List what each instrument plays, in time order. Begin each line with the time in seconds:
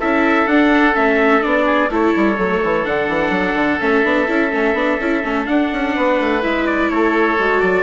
0.00 bassoon C#4, viola E4, oboe A4, trumpet E5
0.47 bassoon D4, viola D4, trumpet F#5
0.94 bassoon A3, viola C#4, trumpet E5
1.41 bassoon B3, viola D4, trumpet D5
1.66 oboe G#4
1.90 bassoon A3, viola E4, oboe A4, trumpet C#5
2.16 bassoon G3
2.37 bassoon F#3, viola A3
2.63 bassoon E3
2.85 bassoon D3, viola D4, trumpet F#5
3.09 bassoon E3
3.30 bassoon F#3
3.54 bassoon D3
3.80 bassoon A3, viola C#4, trumpet E5
4.04 bassoon B3, viola D4
4.28 bassoon C#4, viola E4
4.52 bassoon A3, viola C#4
4.74 bassoon B3, viola D4
5.00 bassoon C#4, viola E4
5.23 bassoon A3, viola C#4
5.46 viola D4, bassoon D4, trumpet F#5
5.72 bassoon C#4
5.96 bassoon B3, oboe B4
6.20 bassoon A3
6.42 bassoon G#3, viola E4, trumpet E5
6.67 trumpet D5
6.90 bassoon A3, oboe A4, trumpet C#5
7.39 bassoon G#3, viola F#4
7.61 bassoon F#3, trumpet D5